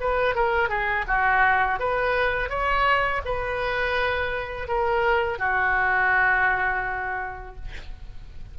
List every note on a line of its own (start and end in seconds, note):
0.00 0.35 B4
0.35 0.69 A#4
0.69 1.05 G#4
1.07 1.79 F#4
1.79 2.49 B4
2.49 3.21 C#5
3.25 4.68 B4
4.68 5.38 A#4
5.38 7.55 F#4